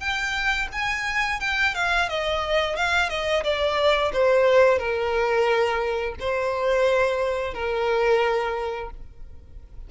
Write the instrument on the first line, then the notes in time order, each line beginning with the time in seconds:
violin
0.00 G5
0.72 G#5
1.41 G5
1.75 F5
2.09 D#5
2.76 F5
3.10 D#5
3.44 D5
4.13 C5
4.79 A#4
6.20 C5
7.54 A#4